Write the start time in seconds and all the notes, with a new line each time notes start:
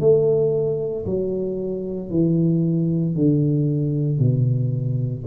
0.00 A3
1.06 F#3
2.10 E3
3.15 D3
4.19 B2